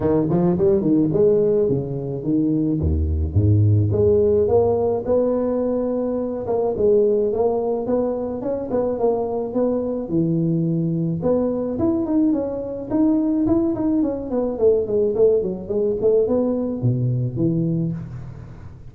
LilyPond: \new Staff \with { instrumentName = "tuba" } { \time 4/4 \tempo 4 = 107 dis8 f8 g8 dis8 gis4 cis4 | dis4 dis,4 gis,4 gis4 | ais4 b2~ b8 ais8 | gis4 ais4 b4 cis'8 b8 |
ais4 b4 e2 | b4 e'8 dis'8 cis'4 dis'4 | e'8 dis'8 cis'8 b8 a8 gis8 a8 fis8 | gis8 a8 b4 b,4 e4 | }